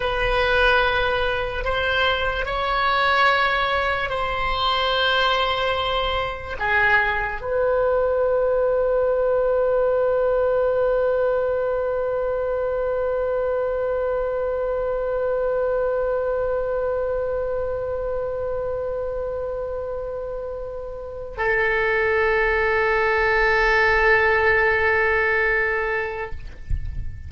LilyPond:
\new Staff \with { instrumentName = "oboe" } { \time 4/4 \tempo 4 = 73 b'2 c''4 cis''4~ | cis''4 c''2. | gis'4 b'2.~ | b'1~ |
b'1~ | b'1~ | b'2 a'2~ | a'1 | }